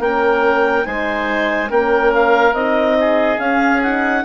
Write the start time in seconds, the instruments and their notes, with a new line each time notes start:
0.00 bassoon A#3, horn C#4, oboe A#4, clarinet G5
0.83 bassoon G#3, horn D#4, oboe C5, clarinet G#5
1.70 bassoon A#3, horn C#4, oboe A#4, clarinet G5
2.13 clarinet F5
2.53 bassoon C4, horn D#4, clarinet D#5
3.00 oboe G#4
3.38 horn C#4, bassoon C#4, clarinet F5
3.83 horn D#4, clarinet F#5